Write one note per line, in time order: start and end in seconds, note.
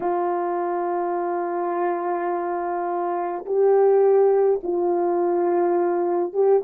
0.00 3.45 F4
3.45 4.60 G4
4.63 6.33 F4
6.33 6.62 G4